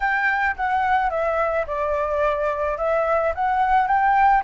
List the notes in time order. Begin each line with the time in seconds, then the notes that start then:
0.00 G5
0.56 F#5
1.10 E5
1.66 D5
2.77 E5
3.34 F#5
3.87 G5